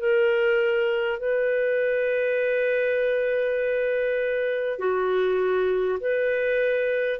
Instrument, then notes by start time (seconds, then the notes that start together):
clarinet
0.00 A#4
1.19 B4
4.79 F#4
6.01 B4